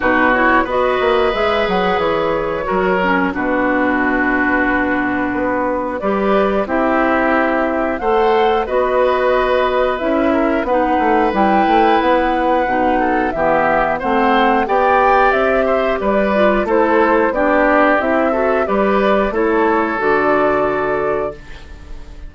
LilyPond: <<
  \new Staff \with { instrumentName = "flute" } { \time 4/4 \tempo 4 = 90 b'8 cis''8 dis''4 e''8 fis''8 cis''4~ | cis''4 b'2.~ | b'4 d''4 e''2 | fis''4 dis''2 e''4 |
fis''4 g''4 fis''2 | e''4 fis''4 g''4 e''4 | d''4 c''4 d''4 e''4 | d''4 cis''4 d''2 | }
  \new Staff \with { instrumentName = "oboe" } { \time 4/4 fis'4 b'2. | ais'4 fis'2.~ | fis'4 b'4 g'2 | c''4 b'2~ b'8 ais'8 |
b'2.~ b'8 a'8 | g'4 c''4 d''4. c''8 | b'4 a'4 g'4. a'8 | b'4 a'2. | }
  \new Staff \with { instrumentName = "clarinet" } { \time 4/4 dis'8 e'8 fis'4 gis'2 | fis'8 cis'8 d'2.~ | d'4 g'4 e'2 | a'4 fis'2 e'4 |
dis'4 e'2 dis'4 | b4 c'4 g'2~ | g'8 f'8 e'4 d'4 e'8 fis'8 | g'4 e'4 fis'2 | }
  \new Staff \with { instrumentName = "bassoon" } { \time 4/4 b,4 b8 ais8 gis8 fis8 e4 | fis4 b,2. | b4 g4 c'2 | a4 b2 cis'4 |
b8 a8 g8 a8 b4 b,4 | e4 a4 b4 c'4 | g4 a4 b4 c'4 | g4 a4 d2 | }
>>